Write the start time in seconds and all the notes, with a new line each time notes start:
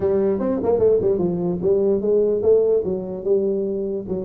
0.00 G3
0.39 C4
0.63 A#3
0.78 A3
1.01 G3
1.18 F3
1.61 G3
2.01 G#3
2.42 A3
2.84 F#3
3.24 G3
4.07 F#3